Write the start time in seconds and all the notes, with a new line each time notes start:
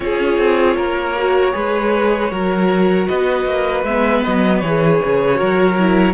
0.00 C#4 F4 G#4 C#5
0.38 C4
0.76 A#3 A#4
1.17 F#4
1.52 G#3 G#4 B4
2.31 F#3 F#4 A#4
3.07 B3 B4 D#5
3.45 A#3
3.83 G#3 B3 E5
4.23 F#3 D#5
4.59 E3 G#4 C#5
5.04 C#3
5.34 F#4 A#4
5.41 F#3
5.79 E4